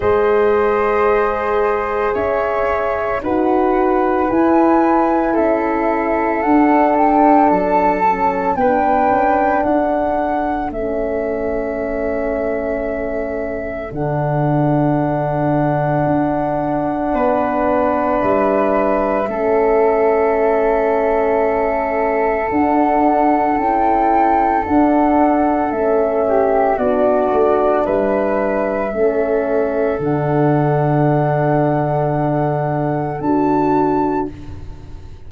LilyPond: <<
  \new Staff \with { instrumentName = "flute" } { \time 4/4 \tempo 4 = 56 dis''2 e''4 fis''4 | gis''4 e''4 fis''8 g''8 a''4 | g''4 fis''4 e''2~ | e''4 fis''2.~ |
fis''4 e''2.~ | e''4 fis''4 g''4 fis''4 | e''4 d''4 e''2 | fis''2. a''4 | }
  \new Staff \with { instrumentName = "flute" } { \time 4/4 c''2 cis''4 b'4~ | b'4 a'2. | b'4 a'2.~ | a'1 |
b'2 a'2~ | a'1~ | a'8 g'8 fis'4 b'4 a'4~ | a'1 | }
  \new Staff \with { instrumentName = "horn" } { \time 4/4 gis'2. fis'4 | e'2 d'4. cis'8 | d'2 cis'2~ | cis'4 d'2.~ |
d'2 cis'2~ | cis'4 d'4 e'4 d'4 | cis'4 d'2 cis'4 | d'2. fis'4 | }
  \new Staff \with { instrumentName = "tuba" } { \time 4/4 gis2 cis'4 dis'4 | e'4 cis'4 d'4 fis4 | b8 cis'8 d'4 a2~ | a4 d2 d'4 |
b4 g4 a2~ | a4 d'4 cis'4 d'4 | a4 b8 a8 g4 a4 | d2. d'4 | }
>>